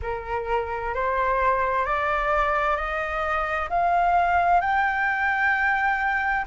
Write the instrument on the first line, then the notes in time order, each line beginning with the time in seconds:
flute
0.02 A#4
0.94 C5
1.85 D5
2.76 D#5
3.69 F5
4.60 G5